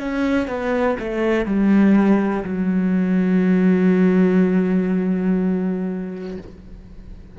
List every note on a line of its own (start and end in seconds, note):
0.00 0.48 C#4
0.48 0.97 B3
1.00 1.46 A3
1.46 2.45 G3
2.45 6.38 F#3